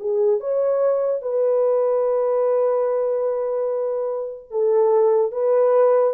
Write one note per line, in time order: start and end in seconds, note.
0.00 0.40 G#4
0.40 1.22 C#5
1.22 4.51 B4
4.51 5.32 A4
5.32 6.14 B4